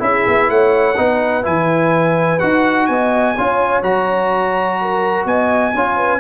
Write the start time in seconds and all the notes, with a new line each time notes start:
0.00 C#4 E4 G#4 E5
0.27 B3
0.50 A3 C#5 F#5
0.97 B3 D#4 B4
1.44 E3 E4 G#5
2.40 D#4 F#4 F#5
2.87 B3 D#5 G#5
3.36 C#4 F4 C#5
3.83 F#3 F#4 A#5
4.82 A#4
5.26 B3 D#5 G#5
5.75 C#4 F4 C#5
5.97 B4